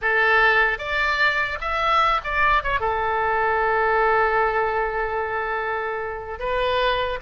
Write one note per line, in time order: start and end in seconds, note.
0.01 0.78 A4
0.78 1.58 D5
1.60 2.20 E5
2.24 2.63 D5
2.63 2.80 C#5
2.80 6.39 A4
6.39 7.19 B4